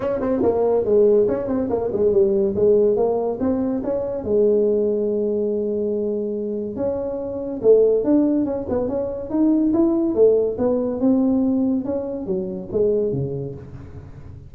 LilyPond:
\new Staff \with { instrumentName = "tuba" } { \time 4/4 \tempo 4 = 142 cis'8 c'8 ais4 gis4 cis'8 c'8 | ais8 gis8 g4 gis4 ais4 | c'4 cis'4 gis2~ | gis1 |
cis'2 a4 d'4 | cis'8 b8 cis'4 dis'4 e'4 | a4 b4 c'2 | cis'4 fis4 gis4 cis4 | }